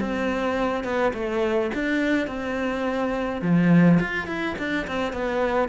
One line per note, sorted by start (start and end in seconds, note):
0.00 0.84 C4
0.84 1.13 B3
1.14 1.71 A3
1.75 2.28 D4
2.28 3.42 C4
3.42 3.99 F3
4.00 4.27 F4
4.27 4.56 E4
4.59 4.87 D4
4.87 5.13 C4
5.13 5.69 B3